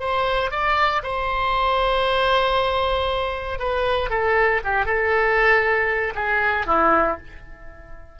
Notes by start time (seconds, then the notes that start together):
0.00 C5
0.52 D5
1.03 C5
3.60 B4
4.10 A4
4.65 G4
4.86 A4
6.15 G#4
6.67 E4